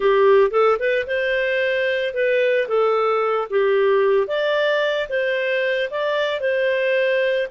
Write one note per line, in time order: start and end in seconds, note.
0.00 0.51 G4
0.51 0.77 A4
0.79 1.06 B4
1.06 2.14 C5
2.14 2.67 B4
2.67 3.48 A4
3.50 4.27 G4
4.27 5.07 D5
5.09 5.89 C5
5.90 6.40 D5
6.40 7.47 C5